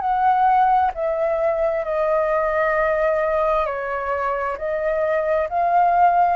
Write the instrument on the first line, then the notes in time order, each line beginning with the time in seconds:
flute
0.00 F#5
0.94 E5
1.84 D#5
3.66 C#5
4.57 D#5
5.49 F5